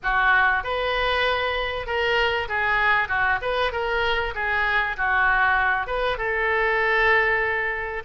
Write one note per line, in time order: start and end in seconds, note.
0.03 0.63 F#4
0.63 1.86 B4
1.86 2.48 A#4
2.48 3.08 G#4
3.08 3.39 F#4
3.41 3.72 B4
3.72 4.34 A#4
4.34 4.96 G#4
4.97 5.87 F#4
5.87 6.17 B4
6.17 8.03 A4